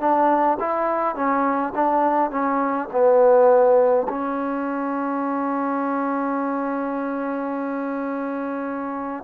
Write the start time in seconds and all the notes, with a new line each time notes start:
0.00 D4
0.60 E4
1.15 C#4
1.75 D4
2.31 C#4
2.92 B3
4.09 C#4